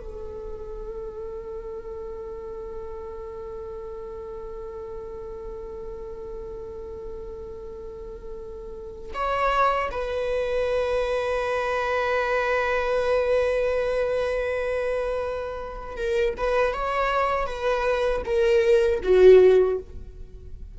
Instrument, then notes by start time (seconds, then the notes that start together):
viola
0.00 A4
9.14 C#5
9.91 B4
15.96 A#4
16.37 B4
16.73 C#5
17.46 B4
18.25 A#4
19.03 F#4